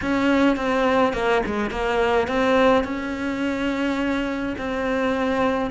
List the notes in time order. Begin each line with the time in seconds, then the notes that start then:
0.01 C#4
0.56 C4
1.13 A#3
1.46 G#3
1.70 A#3
2.27 C4
2.84 C#4
4.58 C4